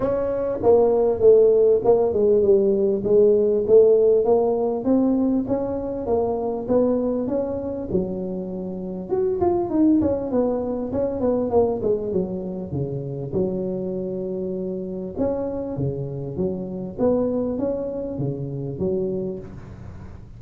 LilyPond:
\new Staff \with { instrumentName = "tuba" } { \time 4/4 \tempo 4 = 99 cis'4 ais4 a4 ais8 gis8 | g4 gis4 a4 ais4 | c'4 cis'4 ais4 b4 | cis'4 fis2 fis'8 f'8 |
dis'8 cis'8 b4 cis'8 b8 ais8 gis8 | fis4 cis4 fis2~ | fis4 cis'4 cis4 fis4 | b4 cis'4 cis4 fis4 | }